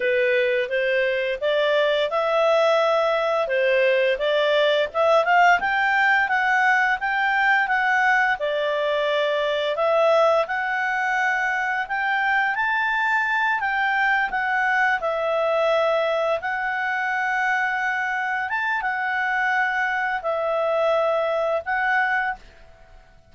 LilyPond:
\new Staff \with { instrumentName = "clarinet" } { \time 4/4 \tempo 4 = 86 b'4 c''4 d''4 e''4~ | e''4 c''4 d''4 e''8 f''8 | g''4 fis''4 g''4 fis''4 | d''2 e''4 fis''4~ |
fis''4 g''4 a''4. g''8~ | g''8 fis''4 e''2 fis''8~ | fis''2~ fis''8 a''8 fis''4~ | fis''4 e''2 fis''4 | }